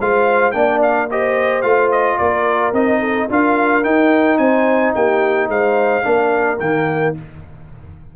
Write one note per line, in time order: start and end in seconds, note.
0.00 0.53 G#3
0.00 0.53 F4
0.00 0.54 C5
0.00 0.51 F5
0.51 1.63 A#3
0.51 1.08 D4
0.51 1.10 D5
0.51 0.79 G5
0.82 1.09 F5
1.10 1.63 G4
1.10 2.18 C5
1.10 1.62 D#5
1.62 2.18 A3
1.62 2.73 F4
1.62 1.89 F5
1.91 2.17 D#5
2.17 2.72 A#3
2.17 3.00 A#4
2.17 2.72 D5
2.72 3.28 C4
2.72 3.29 D#4
2.72 3.29 D#5
3.00 3.27 A4
3.29 3.85 D4
3.29 3.83 F4
3.29 4.40 A#4
3.29 3.84 F5
3.83 6.03 D#4
3.83 4.38 D#4
3.83 4.38 G5
4.38 4.93 C4
4.38 4.94 C5
4.38 4.93 G#5
4.94 5.48 A#3
4.94 5.49 G4
4.94 5.50 G5
5.48 6.03 G#3
5.48 6.05 C5
5.48 6.59 F5
6.03 6.60 A#3
6.03 6.58 D4
6.03 7.16 A#4
6.59 7.15 D#3
6.59 7.15 A#3
6.59 7.14 G5